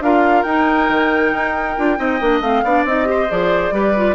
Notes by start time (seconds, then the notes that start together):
0.00 D4 F4 A#4 F5
0.43 D#4 G5
0.89 D#3
1.33 D#4
1.77 D4 F4
1.97 C4 D#4 D#5
2.20 A#3 D4
2.40 A3 C4 F5
2.64 B3 D4 D5
2.85 C4 D#4 D#5
3.05 G4 C5
3.29 F3 G#4 D5
3.71 G3 G4 B4
3.96 F4